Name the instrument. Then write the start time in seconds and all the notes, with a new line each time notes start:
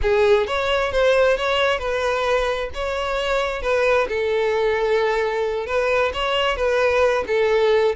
violin
0.02 G#4
0.47 C#5
0.92 C5
1.37 C#5
1.79 B4
2.74 C#5
3.62 B4
4.08 A4
5.66 B4
6.13 C#5
6.56 B4
7.27 A4